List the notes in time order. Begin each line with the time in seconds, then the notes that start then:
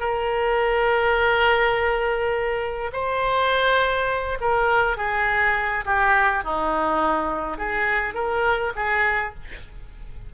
0.00 A#4
2.93 C5
4.41 A#4
4.97 G#4
5.86 G4
6.44 D#4
7.58 G#4
8.14 A#4
8.76 G#4